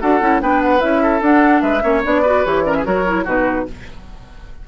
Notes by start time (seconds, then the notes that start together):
0.00 D4 F#4 A4 F#5
0.20 C#4 E4
0.41 B3 D4 B4 G5
0.61 F#5
0.80 C#4 E4 E5
1.03 A4
1.21 D4 F#5
1.61 G#3 B4 E5
1.81 A#3 C#4 C#5
2.03 B3 D4 D5
2.22 F#4 B4
2.45 E3 G4 C#5
2.64 C#4 A#4 D5
2.74 G#4 E5
2.84 F#3 F#4 A#4 C#5
3.07 E4
3.24 B2 D#4 F#4 B4